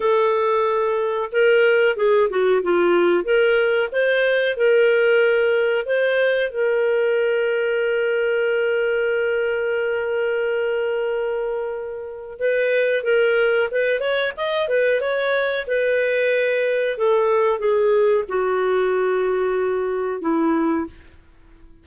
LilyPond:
\new Staff \with { instrumentName = "clarinet" } { \time 4/4 \tempo 4 = 92 a'2 ais'4 gis'8 fis'8 | f'4 ais'4 c''4 ais'4~ | ais'4 c''4 ais'2~ | ais'1~ |
ais'2. b'4 | ais'4 b'8 cis''8 dis''8 b'8 cis''4 | b'2 a'4 gis'4 | fis'2. e'4 | }